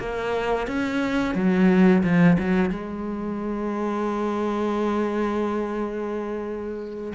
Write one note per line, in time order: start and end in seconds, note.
0.00 0.68 A#3
0.68 1.35 C#4
1.35 2.03 F#3
2.04 2.38 F3
2.39 2.71 F#3
2.71 7.14 G#3